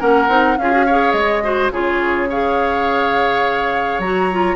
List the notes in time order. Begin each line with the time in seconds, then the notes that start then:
0.00 A#3 C#4 A#4 F#5
0.29 C4 D#4
0.58 C#4 F4 G#4 F5
0.72 F#4
0.86 G#4 C#5
1.12 G#3 D#5
1.43 F#4 C5
1.71 C#3 F4 G#4 C#5
2.30 G#4 C#5 F5
3.99 F#3 F#4 A#5
4.32 F4